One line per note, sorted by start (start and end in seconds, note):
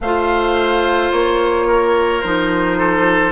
0.00 1.11 A3
0.00 2.24 F4
0.00 1.67 C5
0.00 1.12 F5
1.12 2.23 A#3
1.12 2.21 C#5
1.67 2.78 A#4
2.21 3.31 F3
2.21 3.31 D#4
2.21 3.31 C5
2.78 3.31 A4